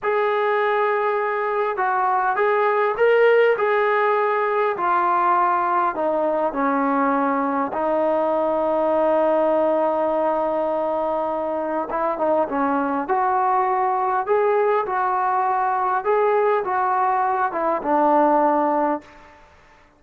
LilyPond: \new Staff \with { instrumentName = "trombone" } { \time 4/4 \tempo 4 = 101 gis'2. fis'4 | gis'4 ais'4 gis'2 | f'2 dis'4 cis'4~ | cis'4 dis'2.~ |
dis'1 | e'8 dis'8 cis'4 fis'2 | gis'4 fis'2 gis'4 | fis'4. e'8 d'2 | }